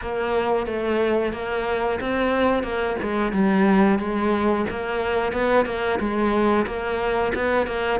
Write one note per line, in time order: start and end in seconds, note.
0.01 0.66 A#3
0.66 1.32 A3
1.32 1.99 A#3
2.00 2.63 C4
2.63 2.96 A#3
3.02 3.32 G#3
3.32 3.98 G3
3.98 4.65 G#3
4.69 5.32 A#3
5.32 5.65 B3
5.65 5.98 A#3
5.99 6.66 G#3
6.66 7.32 A#3
7.35 7.67 B3
7.67 7.99 A#3